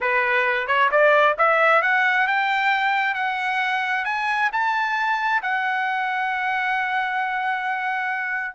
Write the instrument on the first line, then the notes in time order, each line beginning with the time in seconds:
trumpet
0.00 B4
0.67 C#5
0.91 D5
1.38 E5
1.82 F#5
2.27 G5
3.14 F#5
4.04 G#5
4.52 A5
5.42 F#5